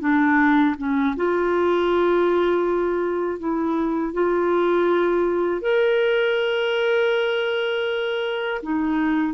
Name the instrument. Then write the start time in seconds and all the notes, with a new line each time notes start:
clarinet
0.00 D4
0.78 C#4
1.16 F4
3.39 E4
4.13 F4
5.61 A#4
8.62 D#4